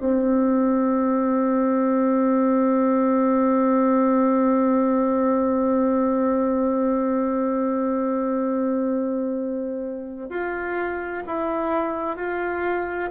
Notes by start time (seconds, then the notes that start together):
0.00 C4
10.30 F4
11.27 E4
12.17 F4